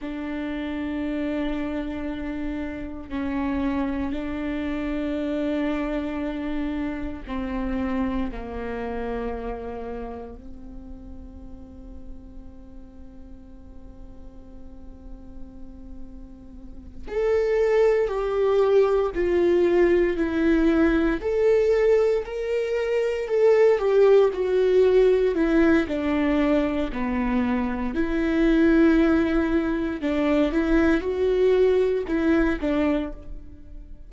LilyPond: \new Staff \with { instrumentName = "viola" } { \time 4/4 \tempo 4 = 58 d'2. cis'4 | d'2. c'4 | ais2 c'2~ | c'1~ |
c'8 a'4 g'4 f'4 e'8~ | e'8 a'4 ais'4 a'8 g'8 fis'8~ | fis'8 e'8 d'4 b4 e'4~ | e'4 d'8 e'8 fis'4 e'8 d'8 | }